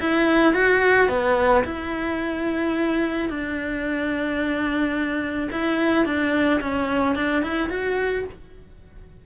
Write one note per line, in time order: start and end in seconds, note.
0.00 0.54 E4
0.54 1.08 F#4
1.08 1.63 B3
1.64 3.29 E4
3.29 5.49 D4
5.51 6.05 E4
6.05 6.60 D4
6.61 7.15 C#4
7.15 7.43 D4
7.43 7.69 E4
7.69 8.24 F#4